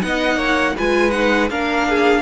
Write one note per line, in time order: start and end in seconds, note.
0.00 0.35 B3
0.00 0.74 D#4
0.00 0.37 D#5
0.00 0.76 F#5
0.35 0.72 A#3
0.35 0.74 C#5
0.76 1.50 G#3
0.76 1.12 F4
0.76 1.50 B4
0.76 1.11 G#5
1.11 1.49 D#4
1.11 1.48 F#5
1.50 2.22 A#3
1.50 2.22 D4
1.50 1.88 A#4
1.50 2.22 F5
1.89 2.22 G#4